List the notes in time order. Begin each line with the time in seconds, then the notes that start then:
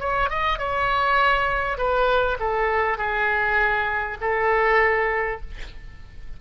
0.00 C#5
0.30 D#5
0.59 C#5
1.78 B4
2.40 A4
2.98 G#4
4.21 A4